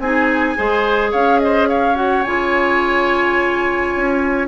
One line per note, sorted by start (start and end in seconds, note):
0.00 0.56 C4
0.00 0.57 D#4
0.00 0.58 G#4
0.00 1.12 G#5
0.57 1.14 G#3
0.57 1.96 G#4
0.57 1.11 C5
1.11 2.26 C#4
1.11 1.39 C#5
1.11 1.40 F5
1.40 1.69 C5
1.40 1.68 D#5
1.69 4.49 C#5
1.69 1.96 F5
1.96 2.24 F#4
1.96 2.24 F#5
2.24 3.94 C#3
2.24 4.49 F4
2.24 4.48 G#5
3.96 4.49 C#4